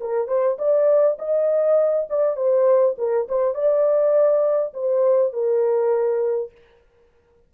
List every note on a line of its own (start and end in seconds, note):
0.00 0.28 A#4
0.28 0.57 C5
0.58 1.17 D5
1.19 2.08 D#5
2.09 2.36 D5
2.36 2.96 C5
2.98 3.27 A#4
3.28 3.54 C5
3.54 4.73 D5
4.73 5.32 C5
5.32 6.51 A#4